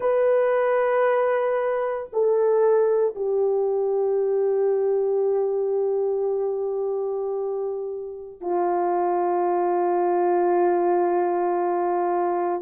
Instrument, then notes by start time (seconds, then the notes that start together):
horn
0.00 B4
2.12 A4
3.15 G4
8.40 F4